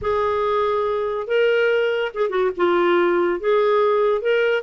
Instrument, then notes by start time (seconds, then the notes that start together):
clarinet
0.01 G#4
1.27 A#4
2.14 G#4
2.29 F#4
2.56 F4
3.40 G#4
4.21 A#4